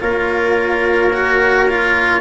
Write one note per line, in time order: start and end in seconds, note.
0.00 2.21 A#3
0.00 1.11 F4
0.00 2.21 A#4
0.00 2.21 C#5
1.13 1.68 F#4
1.69 2.21 F4